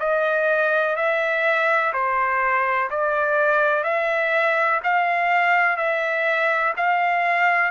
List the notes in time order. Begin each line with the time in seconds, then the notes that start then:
0.00 D#5
0.96 E5
1.94 C5
2.91 D5
3.84 E5
4.84 F5
5.77 E5
6.77 F5